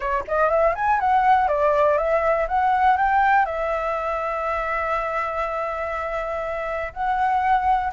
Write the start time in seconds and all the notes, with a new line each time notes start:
0.00 C#5
0.27 D#5
0.49 E5
0.75 G#5
1.00 F#5
1.48 D5
1.97 E5
2.48 F#5
2.97 G5
3.45 E5
6.93 F#5